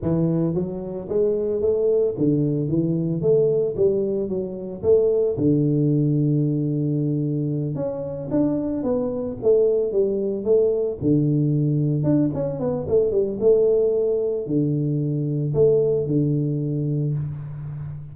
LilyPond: \new Staff \with { instrumentName = "tuba" } { \time 4/4 \tempo 4 = 112 e4 fis4 gis4 a4 | d4 e4 a4 g4 | fis4 a4 d2~ | d2~ d8 cis'4 d'8~ |
d'8 b4 a4 g4 a8~ | a8 d2 d'8 cis'8 b8 | a8 g8 a2 d4~ | d4 a4 d2 | }